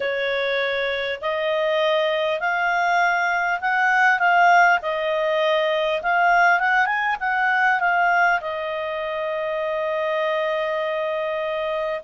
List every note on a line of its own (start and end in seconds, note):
0.00 1.20 C#5
1.21 2.40 D#5
2.40 3.60 F5
3.60 4.19 F#5
4.19 4.79 F5
4.82 6.02 D#5
6.02 6.59 F5
6.59 6.86 F#5
6.86 7.16 G#5
7.20 7.80 F#5
7.80 8.40 F5
8.41 12.01 D#5